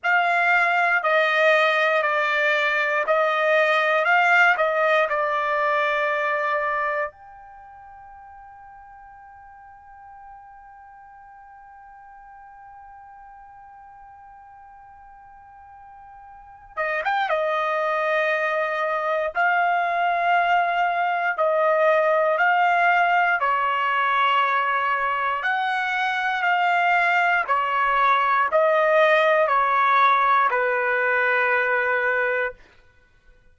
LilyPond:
\new Staff \with { instrumentName = "trumpet" } { \time 4/4 \tempo 4 = 59 f''4 dis''4 d''4 dis''4 | f''8 dis''8 d''2 g''4~ | g''1~ | g''1~ |
g''8 dis''16 g''16 dis''2 f''4~ | f''4 dis''4 f''4 cis''4~ | cis''4 fis''4 f''4 cis''4 | dis''4 cis''4 b'2 | }